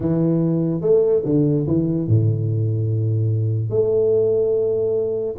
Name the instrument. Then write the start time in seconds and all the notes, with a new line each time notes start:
tuba
0.00 E3
0.81 A3
1.25 D3
1.67 E3
2.08 A2
3.70 A3